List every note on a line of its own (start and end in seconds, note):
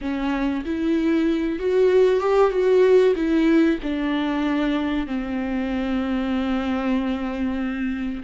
0.01 0.64 C#4
0.65 1.59 E4
1.59 2.20 F#4
2.20 2.51 G4
2.51 3.14 F#4
3.15 3.78 E4
3.82 5.07 D4
5.07 8.22 C4